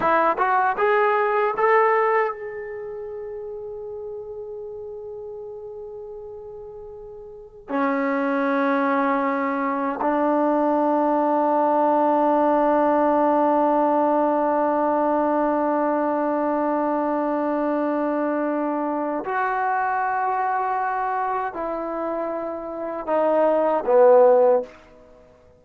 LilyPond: \new Staff \with { instrumentName = "trombone" } { \time 4/4 \tempo 4 = 78 e'8 fis'8 gis'4 a'4 gis'4~ | gis'1~ | gis'2 cis'2~ | cis'4 d'2.~ |
d'1~ | d'1~ | d'4 fis'2. | e'2 dis'4 b4 | }